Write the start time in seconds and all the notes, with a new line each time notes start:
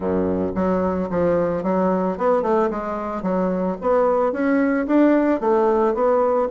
0.00 F#2
0.55 F#3
1.10 F3
1.63 F#3
2.17 B3
2.42 A3
2.70 G#3
3.22 F#3
3.81 B3
4.32 C#4
4.86 D4
5.40 A3
5.94 B3